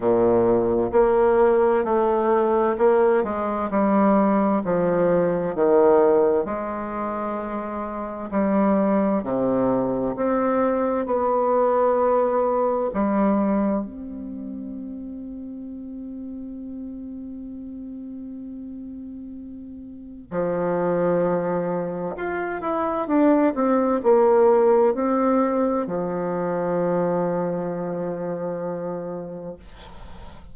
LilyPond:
\new Staff \with { instrumentName = "bassoon" } { \time 4/4 \tempo 4 = 65 ais,4 ais4 a4 ais8 gis8 | g4 f4 dis4 gis4~ | gis4 g4 c4 c'4 | b2 g4 c'4~ |
c'1~ | c'2 f2 | f'8 e'8 d'8 c'8 ais4 c'4 | f1 | }